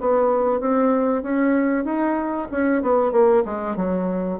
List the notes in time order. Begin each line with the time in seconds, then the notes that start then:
0.00 B3
0.60 C4
1.23 C#4
1.85 D#4
2.51 C#4
2.82 B3
3.12 A#3
3.45 G#3
3.76 F#3